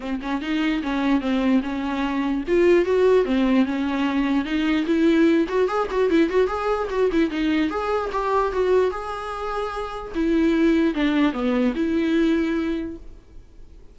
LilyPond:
\new Staff \with { instrumentName = "viola" } { \time 4/4 \tempo 4 = 148 c'8 cis'8 dis'4 cis'4 c'4 | cis'2 f'4 fis'4 | c'4 cis'2 dis'4 | e'4. fis'8 gis'8 fis'8 e'8 fis'8 |
gis'4 fis'8 e'8 dis'4 gis'4 | g'4 fis'4 gis'2~ | gis'4 e'2 d'4 | b4 e'2. | }